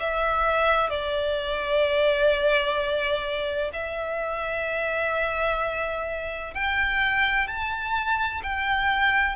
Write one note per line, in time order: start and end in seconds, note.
0.00 0.90 E5
0.90 3.71 D5
3.73 6.54 E5
6.55 7.48 G5
7.48 8.42 A5
8.43 9.36 G5